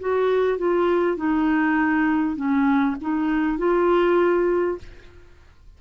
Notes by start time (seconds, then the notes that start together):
0.00 F#4
0.58 F4
1.17 D#4
2.36 C#4
3.01 D#4
3.58 F4